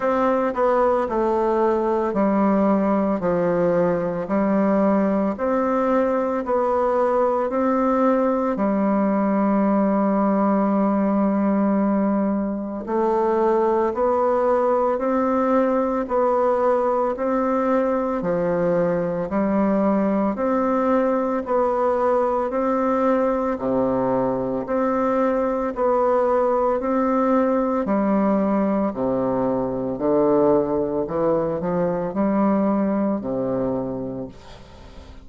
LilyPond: \new Staff \with { instrumentName = "bassoon" } { \time 4/4 \tempo 4 = 56 c'8 b8 a4 g4 f4 | g4 c'4 b4 c'4 | g1 | a4 b4 c'4 b4 |
c'4 f4 g4 c'4 | b4 c'4 c4 c'4 | b4 c'4 g4 c4 | d4 e8 f8 g4 c4 | }